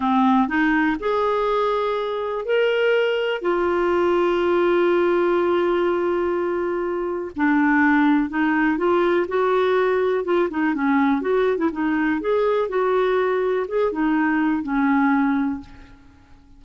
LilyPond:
\new Staff \with { instrumentName = "clarinet" } { \time 4/4 \tempo 4 = 123 c'4 dis'4 gis'2~ | gis'4 ais'2 f'4~ | f'1~ | f'2. d'4~ |
d'4 dis'4 f'4 fis'4~ | fis'4 f'8 dis'8 cis'4 fis'8. e'16 | dis'4 gis'4 fis'2 | gis'8 dis'4. cis'2 | }